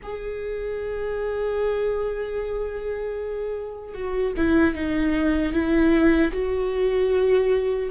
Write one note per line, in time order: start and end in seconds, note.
0.02 3.93 G#4
3.93 4.33 F#4
4.36 4.74 E4
4.74 5.52 D#4
5.52 6.31 E4
6.32 7.89 F#4